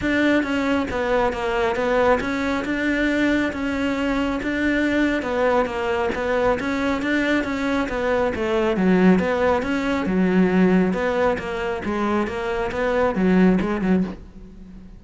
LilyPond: \new Staff \with { instrumentName = "cello" } { \time 4/4 \tempo 4 = 137 d'4 cis'4 b4 ais4 | b4 cis'4 d'2 | cis'2 d'2 | b4 ais4 b4 cis'4 |
d'4 cis'4 b4 a4 | fis4 b4 cis'4 fis4~ | fis4 b4 ais4 gis4 | ais4 b4 fis4 gis8 fis8 | }